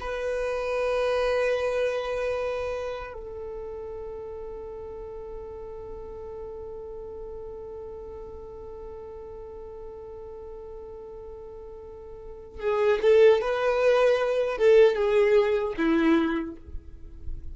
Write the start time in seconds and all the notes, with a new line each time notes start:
0.00 B4
3.14 A4
12.60 G#4
13.02 A4
13.41 B4
14.58 A4
14.95 G#4
15.77 E4